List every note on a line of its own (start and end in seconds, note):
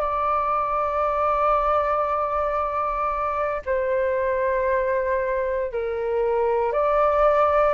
0.00 3.62 D5
3.66 5.72 C5
5.72 6.72 A#4
6.72 7.74 D5